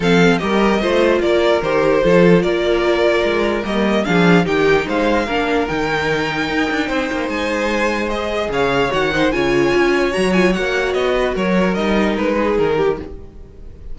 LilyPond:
<<
  \new Staff \with { instrumentName = "violin" } { \time 4/4 \tempo 4 = 148 f''4 dis''2 d''4 | c''2 d''2~ | d''4 dis''4 f''4 g''4 | f''2 g''2~ |
g''2 gis''2 | dis''4 f''4 fis''4 gis''4~ | gis''4 ais''8 gis''8 fis''4 dis''4 | cis''4 dis''4 b'4 ais'4 | }
  \new Staff \with { instrumentName = "violin" } { \time 4/4 a'4 ais'4 c''4 ais'4~ | ais'4 a'4 ais'2~ | ais'2 gis'4 g'4 | c''4 ais'2.~ |
ais'4 c''2.~ | c''4 cis''4. c''8 cis''4~ | cis''2.~ cis''8 b'8 | ais'2~ ais'8 gis'4 g'8 | }
  \new Staff \with { instrumentName = "viola" } { \time 4/4 c'4 g'4 f'2 | g'4 f'2.~ | f'4 ais4 d'4 dis'4~ | dis'4 d'4 dis'2~ |
dis'1 | gis'2 fis'8 dis'8 f'4~ | f'4 fis'8 f'8 fis'2~ | fis'4 dis'2. | }
  \new Staff \with { instrumentName = "cello" } { \time 4/4 f4 g4 a4 ais4 | dis4 f4 ais2 | gis4 g4 f4 dis4 | gis4 ais4 dis2 |
dis'8 d'8 c'8 ais8 gis2~ | gis4 cis4 dis4 cis4 | cis'4 fis4 ais4 b4 | fis4 g4 gis4 dis4 | }
>>